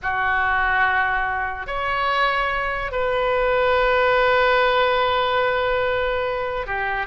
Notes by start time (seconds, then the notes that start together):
0.02 F#4
1.67 C#5
2.91 B4
6.66 G4